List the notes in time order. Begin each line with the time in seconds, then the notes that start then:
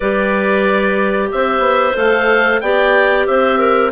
0.00 G3 G4 B4 D5
1.31 C4 C5 E5
1.59 B3
1.94 A3 A4 F5
2.61 B3 G4 D5 G5
3.26 C4 C5 E5
3.58 A#4